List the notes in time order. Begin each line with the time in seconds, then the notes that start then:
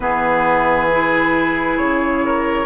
0.00 E3 B3 G#4 B4
0.90 E4
1.77 C#3 C#5
2.25 A#4